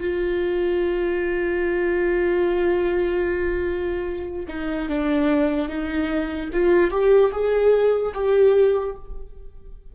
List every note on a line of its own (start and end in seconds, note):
0.00 4.46 F4
4.48 4.89 D#4
4.89 5.69 D4
5.69 6.50 D#4
6.53 6.91 F4
6.91 7.31 G4
7.32 8.13 G#4
8.14 8.95 G4